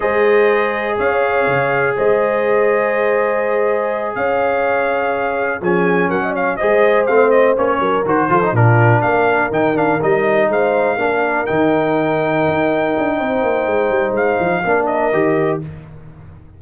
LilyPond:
<<
  \new Staff \with { instrumentName = "trumpet" } { \time 4/4 \tempo 4 = 123 dis''2 f''2 | dis''1~ | dis''8 f''2. gis''8~ | gis''8 fis''8 f''8 dis''4 f''8 dis''8 cis''8~ |
cis''8 c''4 ais'4 f''4 g''8 | f''8 dis''4 f''2 g''8~ | g''1~ | g''4 f''4. dis''4. | }
  \new Staff \with { instrumentName = "horn" } { \time 4/4 c''2 cis''2 | c''1~ | c''8 cis''2. gis'8~ | gis'8 ais'16 dis''16 cis''8 c''2~ c''8 |
ais'4 a'8 f'4 ais'4.~ | ais'4. c''4 ais'4.~ | ais'2. c''4~ | c''2 ais'2 | }
  \new Staff \with { instrumentName = "trombone" } { \time 4/4 gis'1~ | gis'1~ | gis'2.~ gis'8 cis'8~ | cis'4. gis'4 c'4 cis'8~ |
cis'8 fis'8 f'16 dis'16 d'2 dis'8 | d'8 dis'2 d'4 dis'8~ | dis'1~ | dis'2 d'4 g'4 | }
  \new Staff \with { instrumentName = "tuba" } { \time 4/4 gis2 cis'4 cis4 | gis1~ | gis8 cis'2. f8~ | f8 fis4 gis4 a4 ais8 |
fis8 dis8 f8 ais,4 ais4 dis8~ | dis8 g4 gis4 ais4 dis8~ | dis4. dis'4 d'8 c'8 ais8 | gis8 g8 gis8 f8 ais4 dis4 | }
>>